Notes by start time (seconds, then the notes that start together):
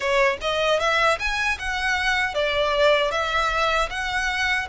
0.00 C#5
0.41 D#5
0.79 E5
1.19 G#5
1.58 F#5
2.34 D5
3.11 E5
3.90 F#5